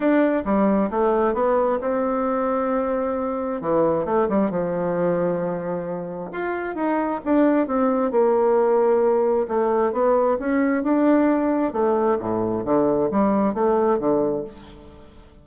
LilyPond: \new Staff \with { instrumentName = "bassoon" } { \time 4/4 \tempo 4 = 133 d'4 g4 a4 b4 | c'1 | e4 a8 g8 f2~ | f2 f'4 dis'4 |
d'4 c'4 ais2~ | ais4 a4 b4 cis'4 | d'2 a4 a,4 | d4 g4 a4 d4 | }